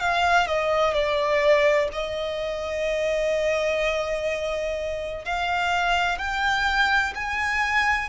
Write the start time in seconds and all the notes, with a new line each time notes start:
0.00 F5
0.47 D#5
0.94 D5
1.93 D#5
5.26 F5
6.19 G5
7.16 G#5